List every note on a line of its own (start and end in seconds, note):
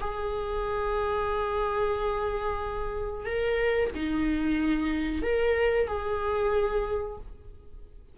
0.00 3.25 G#4
3.25 3.90 A#4
3.95 5.22 D#4
5.22 5.87 A#4
5.87 7.18 G#4